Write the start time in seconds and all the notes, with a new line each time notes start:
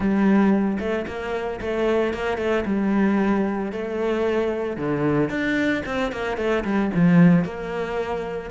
0.00 G3
0.79 A3
1.07 A#3
1.60 A3
2.13 A#3
2.37 A3
2.65 G3
3.72 A3
4.76 D3
5.29 D4
5.85 C4
6.12 A#3
6.37 A3
6.64 G3
6.94 F3
7.44 A#3